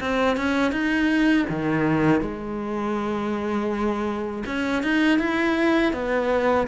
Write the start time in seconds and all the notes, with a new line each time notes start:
0.00 C4
0.37 C#4
0.72 D#4
1.49 D#3
2.21 G#3
4.46 C#4
4.83 D#4
5.19 E4
5.93 B3